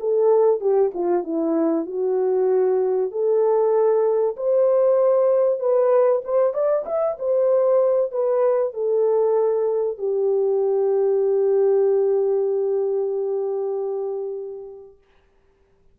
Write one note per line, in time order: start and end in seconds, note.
0.00 0.61 A4
0.61 0.92 G4
0.94 1.24 F4
1.24 1.86 E4
1.86 3.11 F#4
3.11 4.36 A4
4.37 5.60 C5
5.60 6.22 B4
6.25 6.54 C5
6.54 6.85 D5
6.86 7.17 E5
7.19 8.12 C5
8.12 8.74 B4
8.74 9.98 A4
9.98 14.98 G4